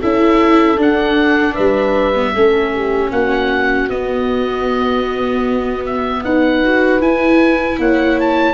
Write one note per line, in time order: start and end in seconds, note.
0.00 0.78 C#4
0.00 0.77 E4
0.00 1.54 A4
0.00 0.80 E5
0.77 2.14 D4
0.77 1.56 D4
0.77 1.55 F#5
1.54 2.35 G3
1.54 2.32 B4
1.54 3.11 E5
2.15 2.34 B3
2.35 3.12 A3
2.35 3.90 C#4
2.35 2.74 A4
2.75 3.12 G4
3.12 3.90 A#3
3.12 6.24 F#4
3.12 3.90 F#5
3.90 6.23 B3
3.90 6.63 B3
3.90 5.85 D#5
5.86 6.24 E5
6.24 7.01 D#4
6.24 7.79 B4
6.24 7.02 F#5
6.64 7.01 F#4
7.01 8.54 E4
7.01 7.79 E4
7.01 7.80 G#5
7.79 8.54 A#3
7.79 8.54 C#5
7.79 8.20 F#5
8.20 8.54 A5